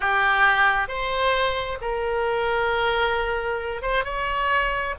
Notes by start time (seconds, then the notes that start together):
0.00 G4
0.88 C5
1.81 A#4
3.82 C5
4.04 C#5